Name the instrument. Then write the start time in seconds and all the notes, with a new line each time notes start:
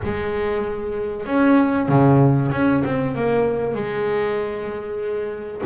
double bass
0.03 G#3
1.26 C#4
1.88 C#3
2.51 C#4
2.84 C4
3.15 A#3
3.74 G#3